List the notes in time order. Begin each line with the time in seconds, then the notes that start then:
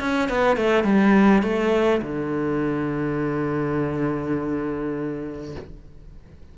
0.00 C#4
0.29 B3
0.57 A3
0.84 G3
1.43 A3
2.02 D3